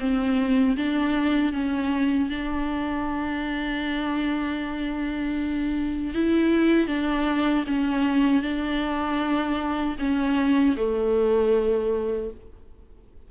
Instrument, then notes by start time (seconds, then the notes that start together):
viola
0.00 C4
0.77 D4
1.53 C#4
2.30 D4
6.14 E4
6.88 D4
7.67 C#4
8.43 D4
9.99 C#4
10.77 A3